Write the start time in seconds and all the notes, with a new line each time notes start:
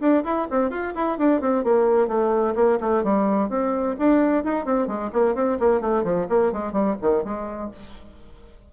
0.00 D4
0.24 E4
0.50 C4
0.70 F4
0.95 E4
1.18 D4
1.41 C4
1.64 A#3
2.08 A3
2.55 A#3
2.80 A3
3.04 G3
3.49 C4
3.99 D4
4.44 D#4
4.65 C4
4.87 G#3
5.13 A#3
5.35 C4
5.59 A#3
5.81 A3
6.04 F3
6.29 A#3
6.52 G#3
6.72 G3
7.01 D#3
7.24 G#3